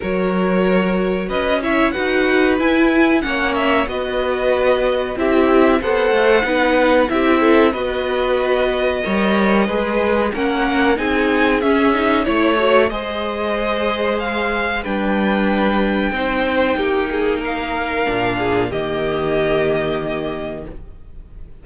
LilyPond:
<<
  \new Staff \with { instrumentName = "violin" } { \time 4/4 \tempo 4 = 93 cis''2 dis''8 e''8 fis''4 | gis''4 fis''8 e''8 dis''2 | e''4 fis''2 e''4 | dis''1 |
fis''4 gis''4 e''4 cis''4 | dis''2 f''4 g''4~ | g''2. f''4~ | f''4 dis''2. | }
  \new Staff \with { instrumentName = "violin" } { \time 4/4 ais'2 b'8 cis''8 b'4~ | b'4 cis''4 b'2 | g'4 c''4 b'4 g'8 a'8 | b'2 cis''4 b'4 |
ais'4 gis'2 cis''4 | c''2. b'4~ | b'4 c''4 g'8 gis'8 ais'4~ | ais'8 gis'8 g'2. | }
  \new Staff \with { instrumentName = "viola" } { \time 4/4 fis'2~ fis'8 e'8 fis'4 | e'4 cis'4 fis'2 | e'4 a'4 dis'4 e'4 | fis'2 ais'4 gis'4 |
cis'4 dis'4 cis'8 dis'8 e'8 fis'8 | gis'2. d'4~ | d'4 dis'2. | d'4 ais2. | }
  \new Staff \with { instrumentName = "cello" } { \time 4/4 fis2 cis'4 dis'4 | e'4 ais4 b2 | c'4 b8 a8 b4 c'4 | b2 g4 gis4 |
ais4 c'4 cis'4 a4 | gis2. g4~ | g4 c'4 ais2 | ais,4 dis2. | }
>>